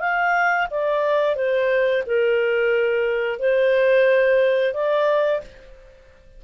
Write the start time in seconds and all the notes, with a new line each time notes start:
0.00 F5
0.70 D5
1.35 C5
2.07 A#4
3.39 C5
4.73 D5